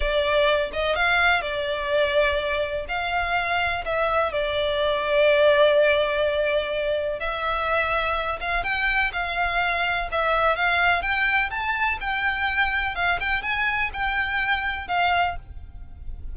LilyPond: \new Staff \with { instrumentName = "violin" } { \time 4/4 \tempo 4 = 125 d''4. dis''8 f''4 d''4~ | d''2 f''2 | e''4 d''2.~ | d''2. e''4~ |
e''4. f''8 g''4 f''4~ | f''4 e''4 f''4 g''4 | a''4 g''2 f''8 g''8 | gis''4 g''2 f''4 | }